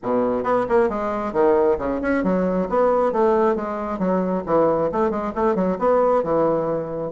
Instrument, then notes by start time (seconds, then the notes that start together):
bassoon
0.02 B2
0.43 B3
0.68 A#3
0.89 G#3
1.32 D#3
1.78 C#3
2.01 C#4
2.23 F#3
2.69 B3
3.12 A3
3.55 G#3
3.98 F#3
4.46 E3
4.92 A3
5.10 G#3
5.35 A3
5.55 F#3
5.78 B3
6.23 E3